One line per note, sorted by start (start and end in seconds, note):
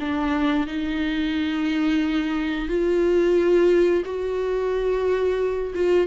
0.00 0.67 D4
0.67 2.69 D#4
2.69 4.04 F4
4.05 5.74 F#4
5.75 6.07 F4